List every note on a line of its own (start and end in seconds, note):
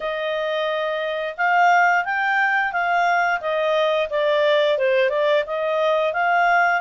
0.00 1.35 D#5
1.37 2.05 F5
2.05 2.72 G5
2.72 3.40 F5
3.40 4.08 D#5
4.09 4.78 D5
4.78 5.10 C5
5.10 5.44 D5
5.46 6.13 D#5
6.13 6.81 F5